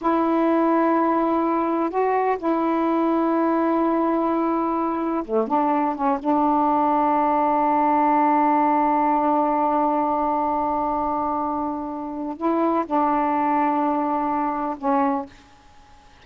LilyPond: \new Staff \with { instrumentName = "saxophone" } { \time 4/4 \tempo 4 = 126 e'1 | fis'4 e'2.~ | e'2. a8 d'8~ | d'8 cis'8 d'2.~ |
d'1~ | d'1~ | d'2 e'4 d'4~ | d'2. cis'4 | }